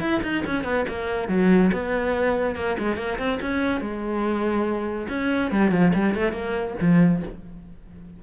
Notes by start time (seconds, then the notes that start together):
0.00 E4
0.23 D#4
0.46 C#4
0.64 B3
0.89 A#3
1.28 F#3
1.73 B3
2.56 A#3
2.79 G#3
2.97 A#3
3.18 C4
3.42 C#4
3.81 G#3
5.09 C#4
5.51 G3
5.71 F3
5.94 G3
6.15 A3
6.32 A#3
6.81 F3